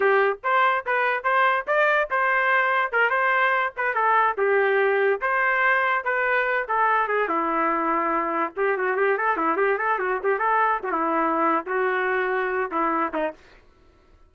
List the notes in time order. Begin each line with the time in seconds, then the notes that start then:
0.00 G4
0.43 C5
0.85 B4
1.23 C5
1.67 D5
2.10 C5
2.91 A#4
3.10 C5
3.77 B4
3.94 A4
4.37 G4
5.21 C5
6.04 B4
6.67 A4
7.07 G#4
7.28 E4
8.56 G4
8.77 F#4
8.96 G4
9.17 A4
9.36 E4
9.57 G4
9.78 A4
9.98 F#4
10.23 G4
10.38 A4
10.83 F#4
10.91 E4
11.66 F#4
12.71 E4
13.13 D#4